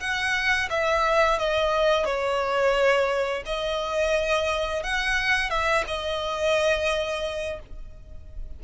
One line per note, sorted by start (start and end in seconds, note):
0.00 0.69 F#5
0.70 1.39 E5
1.39 2.06 D#5
2.06 3.44 C#5
3.46 4.84 D#5
4.84 5.50 F#5
5.50 5.85 E5
5.87 7.60 D#5